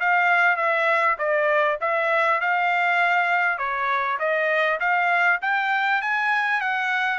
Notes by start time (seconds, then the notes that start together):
0.00 F5
0.56 E5
1.18 D5
1.81 E5
2.41 F5
3.58 C#5
4.19 D#5
4.80 F5
5.41 G5
6.02 G#5
6.61 F#5